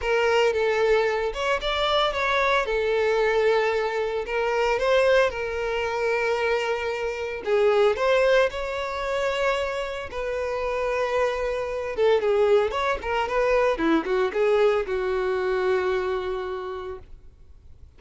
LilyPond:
\new Staff \with { instrumentName = "violin" } { \time 4/4 \tempo 4 = 113 ais'4 a'4. cis''8 d''4 | cis''4 a'2. | ais'4 c''4 ais'2~ | ais'2 gis'4 c''4 |
cis''2. b'4~ | b'2~ b'8 a'8 gis'4 | cis''8 ais'8 b'4 e'8 fis'8 gis'4 | fis'1 | }